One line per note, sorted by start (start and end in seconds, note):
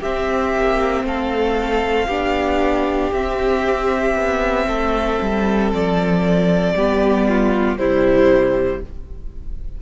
0.00 0.56 C4
0.00 2.11 C4
0.00 1.03 G4
0.00 1.06 E5
0.57 1.04 A#3
1.04 2.08 A3
1.04 2.08 A4
1.04 3.13 F5
2.08 3.11 B3
2.08 3.14 D4
2.08 4.66 G4
3.13 4.16 C4
3.13 6.77 C4
3.13 5.72 E5
4.16 4.67 B3
4.67 5.19 A3
4.67 6.74 A4
5.22 5.73 G3
5.73 6.74 F3
5.73 7.78 D5
6.74 7.77 G3
6.74 7.79 B3
6.74 7.28 G4
7.29 7.79 F4
7.78 8.81 C3
7.78 8.82 G3
7.78 8.82 E4
7.78 8.81 C5